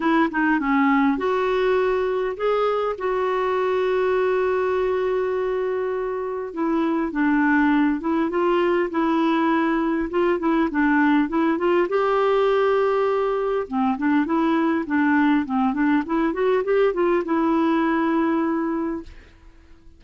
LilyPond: \new Staff \with { instrumentName = "clarinet" } { \time 4/4 \tempo 4 = 101 e'8 dis'8 cis'4 fis'2 | gis'4 fis'2.~ | fis'2. e'4 | d'4. e'8 f'4 e'4~ |
e'4 f'8 e'8 d'4 e'8 f'8 | g'2. c'8 d'8 | e'4 d'4 c'8 d'8 e'8 fis'8 | g'8 f'8 e'2. | }